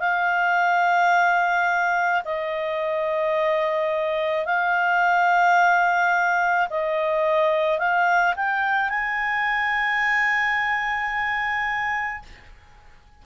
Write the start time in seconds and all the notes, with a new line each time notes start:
0.00 F5
2.25 D#5
4.45 F5
6.70 D#5
7.79 F5
8.36 G5
8.90 G#5